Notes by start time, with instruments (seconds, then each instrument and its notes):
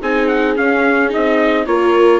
0.00 bassoon C4, viola D#4, horn G#4, trumpet G#5
0.28 trumpet F#5
0.56 viola C#4, bassoon C#4, trumpet F5
1.09 viola D#4, trumpet D#5
1.16 bassoon C4
1.66 bassoon A#3, viola F4, horn A#4, trumpet C#5